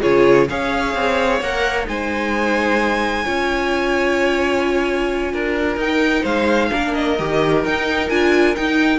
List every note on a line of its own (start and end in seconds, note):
0.00 0.49 C#3
0.00 0.47 F4
0.00 0.46 G#4
0.00 0.48 C#5
0.49 0.94 C#4
0.49 1.42 G#4
0.49 1.88 C#5
0.49 1.41 F5
0.94 1.41 C4
1.41 1.87 A#3
1.41 1.85 A#4
1.41 1.87 F#5
1.85 3.26 G#3
1.85 3.23 D#4
1.85 3.24 C5
1.85 5.79 G#5
3.24 5.33 C#4
3.24 5.78 F4
3.24 5.32 C#5
5.33 5.76 D4
5.33 6.22 A#4
5.76 6.22 D#4
5.76 6.70 D#4
5.76 6.25 G5
6.22 6.70 G#3
6.22 6.68 C5
6.22 6.93 F5
6.70 7.18 A#3
6.70 7.16 D4
6.70 8.98 A#4
6.93 7.63 D#5
7.18 7.64 D#3
7.18 7.65 G4
7.64 8.09 D#4
7.64 8.10 D#4
7.64 8.09 G5
8.09 8.56 D4
8.09 8.55 F4
8.09 8.55 G#5
8.55 8.98 D#4
8.55 8.98 G5